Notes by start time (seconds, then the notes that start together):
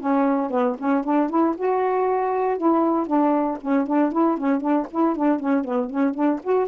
0.00 C#4
0.51 B3
0.79 C#4
1.04 D4
1.30 E4
1.57 F#4
2.58 E4
3.07 D4
3.62 C#4
3.87 D4
4.12 E4
4.38 C#4
4.61 D4
4.91 E4
5.16 D4
5.40 C#4
5.65 B3
5.90 C#4
6.14 D4
6.44 F#4